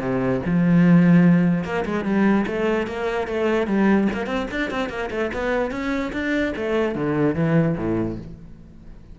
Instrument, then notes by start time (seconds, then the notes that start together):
cello
0.00 C3
0.46 F3
1.65 A#3
1.86 G#3
2.05 G3
2.47 A3
2.87 A#3
3.28 A3
3.67 G3
4.13 A#3
4.27 C4
4.51 D4
4.71 C4
4.90 A#3
5.11 A3
5.34 B3
5.71 C#4
6.13 D4
6.57 A3
6.95 D3
7.35 E3
7.78 A2